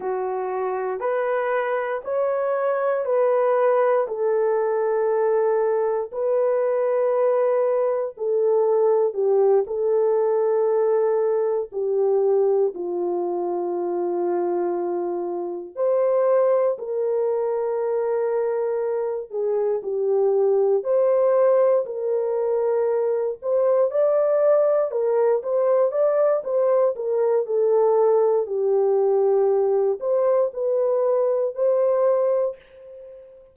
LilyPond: \new Staff \with { instrumentName = "horn" } { \time 4/4 \tempo 4 = 59 fis'4 b'4 cis''4 b'4 | a'2 b'2 | a'4 g'8 a'2 g'8~ | g'8 f'2. c''8~ |
c''8 ais'2~ ais'8 gis'8 g'8~ | g'8 c''4 ais'4. c''8 d''8~ | d''8 ais'8 c''8 d''8 c''8 ais'8 a'4 | g'4. c''8 b'4 c''4 | }